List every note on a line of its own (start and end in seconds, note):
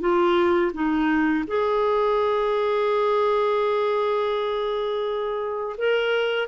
0.00 0.71 F4
0.73 1.44 D#4
1.47 5.76 G#4
5.78 6.47 A#4